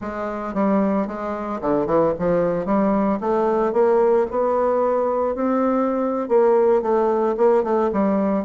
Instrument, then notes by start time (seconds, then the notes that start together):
bassoon
0.01 G#3
0.54 G3
1.07 G#3
1.61 D3
1.86 E3
2.18 F3
2.65 G3
3.20 A3
3.72 A#3
4.31 B3
5.35 C4
6.28 A#3
6.82 A3
7.37 A#3
7.63 A3
7.93 G3